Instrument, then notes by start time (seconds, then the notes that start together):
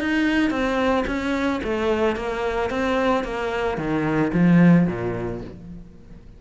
cello
0.00 D#4
0.50 C4
1.07 C#4
1.63 A3
2.16 A#3
2.70 C4
3.24 A#3
3.78 D#3
4.33 F3
4.87 A#2